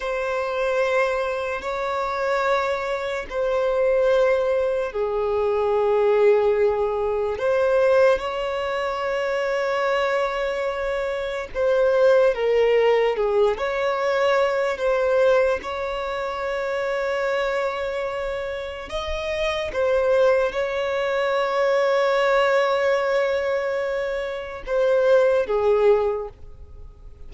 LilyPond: \new Staff \with { instrumentName = "violin" } { \time 4/4 \tempo 4 = 73 c''2 cis''2 | c''2 gis'2~ | gis'4 c''4 cis''2~ | cis''2 c''4 ais'4 |
gis'8 cis''4. c''4 cis''4~ | cis''2. dis''4 | c''4 cis''2.~ | cis''2 c''4 gis'4 | }